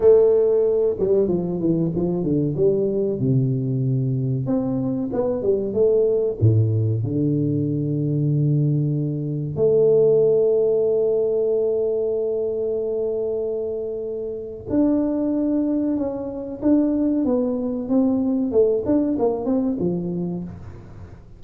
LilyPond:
\new Staff \with { instrumentName = "tuba" } { \time 4/4 \tempo 4 = 94 a4. g8 f8 e8 f8 d8 | g4 c2 c'4 | b8 g8 a4 a,4 d4~ | d2. a4~ |
a1~ | a2. d'4~ | d'4 cis'4 d'4 b4 | c'4 a8 d'8 ais8 c'8 f4 | }